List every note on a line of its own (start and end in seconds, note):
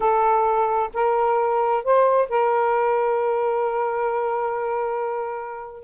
0.00 0.90 A4
0.93 1.84 A#4
1.84 2.29 C5
2.29 5.83 A#4